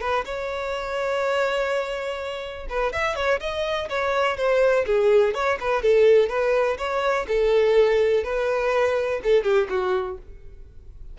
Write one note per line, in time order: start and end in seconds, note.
0.00 0.24 B4
0.25 2.67 C#5
2.69 2.92 B4
2.92 3.15 E5
3.15 3.39 C#5
3.40 3.88 D#5
3.89 4.37 C#5
4.37 4.85 C5
4.86 5.34 G#4
5.34 5.58 C#5
5.60 5.82 B4
5.82 6.29 A4
6.29 6.77 B4
6.77 7.26 C#5
7.28 8.23 A4
8.23 9.20 B4
9.23 9.43 A4
9.43 9.67 G4
9.69 10.17 F#4